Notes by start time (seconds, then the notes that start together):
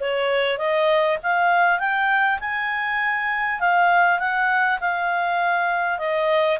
0.00 C#5
0.58 D#5
1.23 F5
1.79 G5
2.40 G#5
3.60 F5
4.19 F#5
4.81 F5
5.99 D#5